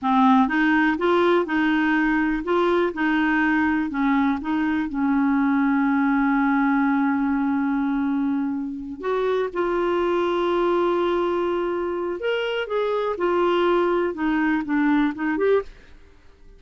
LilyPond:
\new Staff \with { instrumentName = "clarinet" } { \time 4/4 \tempo 4 = 123 c'4 dis'4 f'4 dis'4~ | dis'4 f'4 dis'2 | cis'4 dis'4 cis'2~ | cis'1~ |
cis'2~ cis'8 fis'4 f'8~ | f'1~ | f'4 ais'4 gis'4 f'4~ | f'4 dis'4 d'4 dis'8 g'8 | }